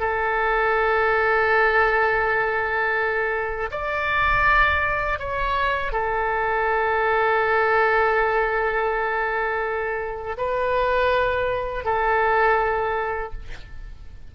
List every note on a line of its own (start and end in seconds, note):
0.00 3.70 A4
3.71 5.19 D5
5.19 5.92 C#5
5.92 10.37 A4
10.37 11.85 B4
11.85 13.33 A4